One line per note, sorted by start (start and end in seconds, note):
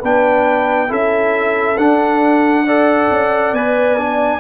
0.00 0.91 B3
0.00 0.88 D4
0.00 0.88 B4
0.00 0.92 G5
0.88 1.78 C#4
0.88 1.77 E4
0.88 2.66 A4
0.88 1.78 E5
1.78 3.10 D4
1.78 2.67 D4
1.78 3.54 F#5
2.66 3.56 A4
2.66 4.40 D5
3.10 3.53 C#4
3.53 4.40 B3
3.53 3.98 B4
3.53 4.40 G#5
3.98 4.40 D4